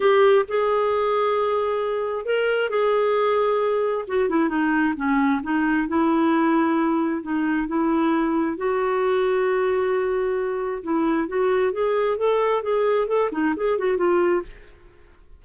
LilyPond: \new Staff \with { instrumentName = "clarinet" } { \time 4/4 \tempo 4 = 133 g'4 gis'2.~ | gis'4 ais'4 gis'2~ | gis'4 fis'8 e'8 dis'4 cis'4 | dis'4 e'2. |
dis'4 e'2 fis'4~ | fis'1 | e'4 fis'4 gis'4 a'4 | gis'4 a'8 dis'8 gis'8 fis'8 f'4 | }